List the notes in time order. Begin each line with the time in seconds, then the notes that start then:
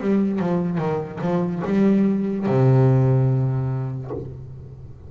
0.00 G3
0.39 F3
0.78 D#3
1.21 F3
1.64 G3
2.46 C3